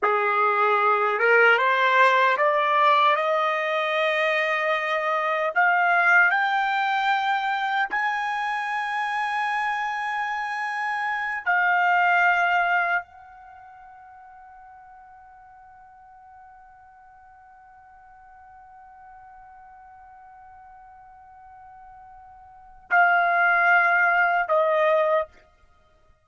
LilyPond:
\new Staff \with { instrumentName = "trumpet" } { \time 4/4 \tempo 4 = 76 gis'4. ais'8 c''4 d''4 | dis''2. f''4 | g''2 gis''2~ | gis''2~ gis''8 f''4.~ |
f''8 fis''2.~ fis''8~ | fis''1~ | fis''1~ | fis''4 f''2 dis''4 | }